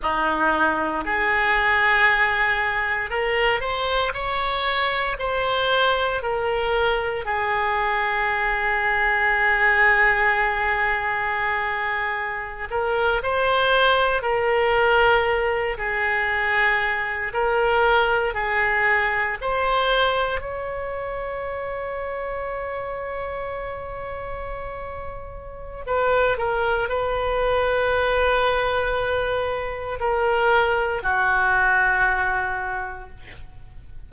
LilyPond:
\new Staff \with { instrumentName = "oboe" } { \time 4/4 \tempo 4 = 58 dis'4 gis'2 ais'8 c''8 | cis''4 c''4 ais'4 gis'4~ | gis'1~ | gis'16 ais'8 c''4 ais'4. gis'8.~ |
gis'8. ais'4 gis'4 c''4 cis''16~ | cis''1~ | cis''4 b'8 ais'8 b'2~ | b'4 ais'4 fis'2 | }